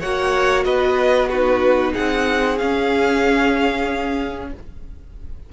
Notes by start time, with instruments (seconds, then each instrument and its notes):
0.00 cello A#3, viola F#4, violin C#5 F#5
0.65 cello B3, violin B4 D#5
1.29 viola D#4, violin F#4 B4
1.93 violin G#4 F#5
1.99 cello C4
2.58 viola C#4, cello C#4, violin F5